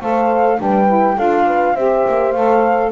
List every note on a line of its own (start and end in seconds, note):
0.00 0.58 A3
0.00 0.57 A4
0.00 0.59 C5
0.00 0.59 F5
0.57 1.18 G3
0.57 0.87 D4
0.57 1.16 B4
0.57 1.18 G5
0.87 1.16 E4
1.16 1.74 D4
1.16 1.75 F4
1.16 1.45 A4
1.16 1.75 F5
1.46 1.74 B4
1.74 2.04 C4
1.74 2.34 G4
1.74 2.91 C5
1.74 2.31 E5
2.07 2.34 A#3
2.31 2.91 A3
2.31 2.91 A4
2.31 2.90 F5